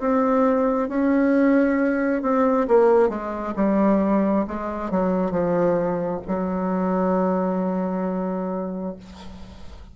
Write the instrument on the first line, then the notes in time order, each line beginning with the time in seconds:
bassoon
0.00 C4
0.89 C#4
2.23 C4
2.68 A#3
3.09 G#3
3.56 G3
4.48 G#3
4.91 F#3
5.31 F3
6.28 F#3